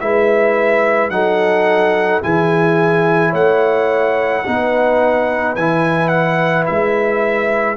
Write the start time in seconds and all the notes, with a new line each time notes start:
0.00 G#3 E4 B4 E5
1.09 F#3 D#4 A4 F#5
2.22 E3 E4 G#4 G#5
3.30 A3 C#5 F#5
4.45 B3 D#4 B4
5.55 E3 E4 G#5
6.08 F#5
6.66 G#3 E5